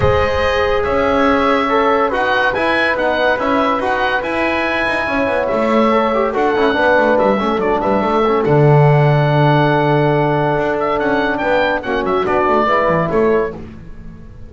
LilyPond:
<<
  \new Staff \with { instrumentName = "oboe" } { \time 4/4 \tempo 4 = 142 dis''2 e''2~ | e''4 fis''4 gis''4 fis''4 | e''4 fis''4 gis''2~ | gis''4 e''2 fis''4~ |
fis''4 e''4 d''8 e''4. | fis''1~ | fis''4. e''8 fis''4 g''4 | fis''8 e''8 d''2 cis''4 | }
  \new Staff \with { instrumentName = "horn" } { \time 4/4 c''2 cis''2~ | cis''4 b'2.~ | b'1 | cis''2. a'4 |
b'4. a'4 b'8 a'4~ | a'1~ | a'2. b'4 | fis'2 b'4 a'4 | }
  \new Staff \with { instrumentName = "trombone" } { \time 4/4 gis'1 | a'4 fis'4 e'4 dis'4 | e'4 fis'4 e'2~ | e'2 a'8 g'8 fis'8 e'8 |
d'4. cis'8 d'4. cis'8 | d'1~ | d'1 | cis'4 d'4 e'2 | }
  \new Staff \with { instrumentName = "double bass" } { \time 4/4 gis2 cis'2~ | cis'4 dis'4 e'4 b4 | cis'4 dis'4 e'4. dis'8 | cis'8 b8 a2 d'8 cis'8 |
b8 a8 g8 a8 fis8 g8 a4 | d1~ | d4 d'4 cis'4 b4 | ais8 fis8 b8 a8 gis8 e8 a4 | }
>>